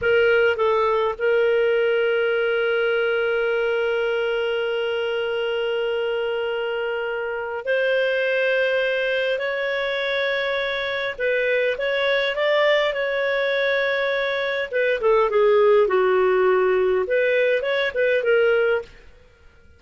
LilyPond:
\new Staff \with { instrumentName = "clarinet" } { \time 4/4 \tempo 4 = 102 ais'4 a'4 ais'2~ | ais'1~ | ais'1~ | ais'4 c''2. |
cis''2. b'4 | cis''4 d''4 cis''2~ | cis''4 b'8 a'8 gis'4 fis'4~ | fis'4 b'4 cis''8 b'8 ais'4 | }